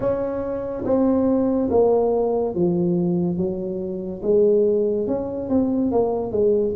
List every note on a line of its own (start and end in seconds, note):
0.00 0.84 C#4
0.85 1.69 C4
1.70 2.55 A#3
2.55 3.37 F3
3.37 4.21 F#3
4.22 5.07 G#3
5.07 5.49 C#4
5.49 5.91 C4
5.91 6.31 A#3
6.31 6.74 G#3